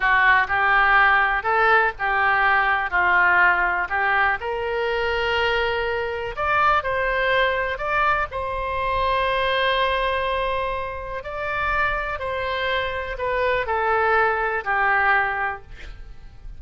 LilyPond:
\new Staff \with { instrumentName = "oboe" } { \time 4/4 \tempo 4 = 123 fis'4 g'2 a'4 | g'2 f'2 | g'4 ais'2.~ | ais'4 d''4 c''2 |
d''4 c''2.~ | c''2. d''4~ | d''4 c''2 b'4 | a'2 g'2 | }